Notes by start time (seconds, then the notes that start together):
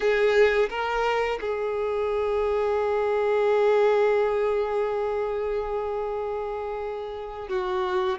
0.00 G#4
0.69 A#4
1.40 G#4
7.48 F#4